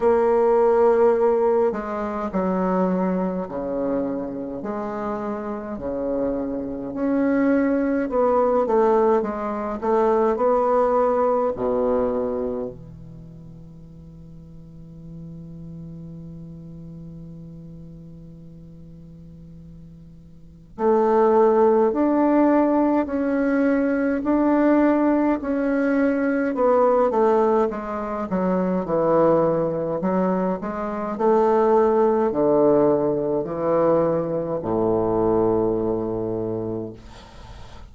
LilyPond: \new Staff \with { instrumentName = "bassoon" } { \time 4/4 \tempo 4 = 52 ais4. gis8 fis4 cis4 | gis4 cis4 cis'4 b8 a8 | gis8 a8 b4 b,4 e4~ | e1~ |
e2 a4 d'4 | cis'4 d'4 cis'4 b8 a8 | gis8 fis8 e4 fis8 gis8 a4 | d4 e4 a,2 | }